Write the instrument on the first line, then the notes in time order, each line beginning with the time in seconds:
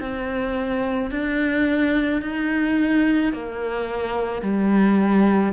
cello
0.00 C4
1.11 D4
2.22 D#4
3.33 A#3
4.42 G3